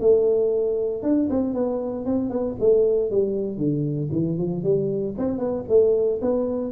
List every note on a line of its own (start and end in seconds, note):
0.00 1.02 A3
1.02 1.28 D4
1.30 1.54 C4
1.54 2.05 B3
2.05 2.29 C4
2.29 2.55 B3
2.59 3.10 A3
3.10 3.57 G3
3.57 4.09 D3
4.11 4.37 E3
4.38 4.63 F3
4.63 5.15 G3
5.17 5.38 C4
5.38 5.64 B3
5.68 6.20 A3
6.21 6.71 B3